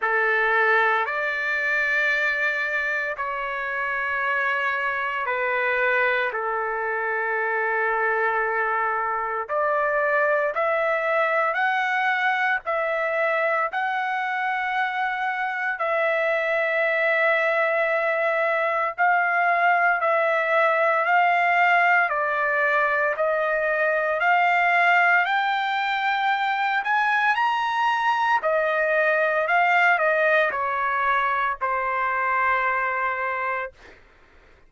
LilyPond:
\new Staff \with { instrumentName = "trumpet" } { \time 4/4 \tempo 4 = 57 a'4 d''2 cis''4~ | cis''4 b'4 a'2~ | a'4 d''4 e''4 fis''4 | e''4 fis''2 e''4~ |
e''2 f''4 e''4 | f''4 d''4 dis''4 f''4 | g''4. gis''8 ais''4 dis''4 | f''8 dis''8 cis''4 c''2 | }